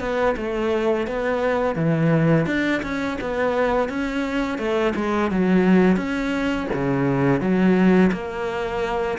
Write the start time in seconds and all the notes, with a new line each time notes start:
0.00 B3
0.37 A3
1.07 B3
1.76 E3
2.46 D4
2.83 C#4
3.21 B3
3.89 C#4
4.58 A3
4.96 G#3
5.31 F#3
5.96 C#4
6.74 C#3
7.41 F#3
8.12 A#3